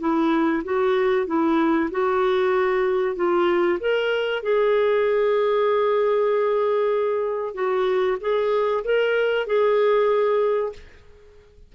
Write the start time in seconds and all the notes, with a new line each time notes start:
0.00 E4
0.64 F#4
1.27 E4
1.91 F#4
3.16 F4
3.80 A#4
4.43 G#4
7.54 F#4
8.21 G#4
8.84 A#4
9.47 G#4